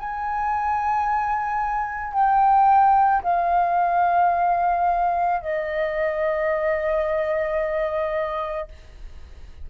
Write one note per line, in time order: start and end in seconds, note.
0.00 2.14 G#5
2.14 3.23 G5
3.23 5.41 F5
5.41 8.69 D#5